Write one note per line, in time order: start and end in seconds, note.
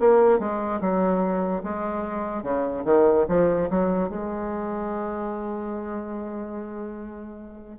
0.00 0.39 A#3
0.39 0.80 G#3
0.81 1.63 F#3
1.63 2.43 G#3
2.43 2.84 C#3
2.85 3.26 D#3
3.28 3.69 F3
3.70 4.09 F#3
4.09 7.79 G#3